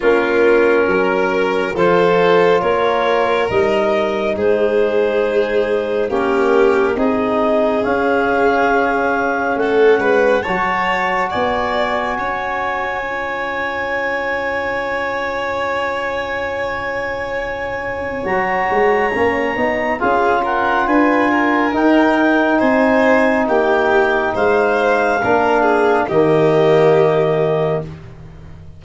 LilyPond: <<
  \new Staff \with { instrumentName = "clarinet" } { \time 4/4 \tempo 4 = 69 ais'2 c''4 cis''4 | dis''4 c''2 ais'4 | dis''4 f''2 fis''4 | a''4 gis''2.~ |
gis''1~ | gis''4 ais''2 f''8 fis''8 | gis''4 g''4 gis''4 g''4 | f''2 dis''2 | }
  \new Staff \with { instrumentName = "violin" } { \time 4/4 f'4 ais'4 a'4 ais'4~ | ais'4 gis'2 g'4 | gis'2. a'8 b'8 | cis''4 d''4 cis''2~ |
cis''1~ | cis''2. gis'8 ais'8 | b'8 ais'4. c''4 g'4 | c''4 ais'8 gis'8 g'2 | }
  \new Staff \with { instrumentName = "trombone" } { \time 4/4 cis'2 f'2 | dis'2. cis'4 | dis'4 cis'2. | fis'2. f'4~ |
f'1~ | f'4 fis'4 cis'8 dis'8 f'4~ | f'4 dis'2.~ | dis'4 d'4 ais2 | }
  \new Staff \with { instrumentName = "tuba" } { \time 4/4 ais4 fis4 f4 ais4 | g4 gis2 ais4 | c'4 cis'2 a8 gis8 | fis4 b4 cis'2~ |
cis'1~ | cis'4 fis8 gis8 ais8 b8 cis'4 | d'4 dis'4 c'4 ais4 | gis4 ais4 dis2 | }
>>